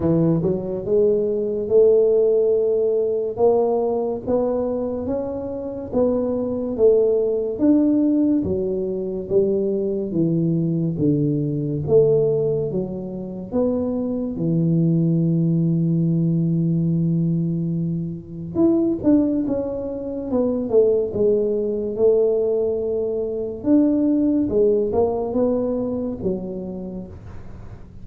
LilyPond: \new Staff \with { instrumentName = "tuba" } { \time 4/4 \tempo 4 = 71 e8 fis8 gis4 a2 | ais4 b4 cis'4 b4 | a4 d'4 fis4 g4 | e4 d4 a4 fis4 |
b4 e2.~ | e2 e'8 d'8 cis'4 | b8 a8 gis4 a2 | d'4 gis8 ais8 b4 fis4 | }